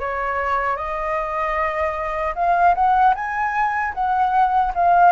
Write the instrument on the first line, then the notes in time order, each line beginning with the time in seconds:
flute
0.00 C#5
0.77 D#5
2.35 F5
2.75 F#5
3.15 G#5
3.94 F#5
4.75 F5